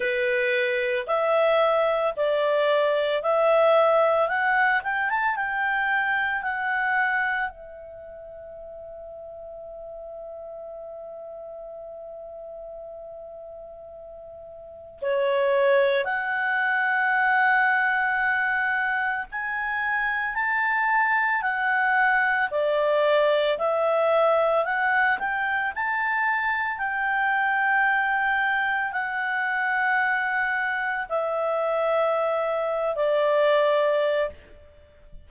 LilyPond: \new Staff \with { instrumentName = "clarinet" } { \time 4/4 \tempo 4 = 56 b'4 e''4 d''4 e''4 | fis''8 g''16 a''16 g''4 fis''4 e''4~ | e''1~ | e''2 cis''4 fis''4~ |
fis''2 gis''4 a''4 | fis''4 d''4 e''4 fis''8 g''8 | a''4 g''2 fis''4~ | fis''4 e''4.~ e''16 d''4~ d''16 | }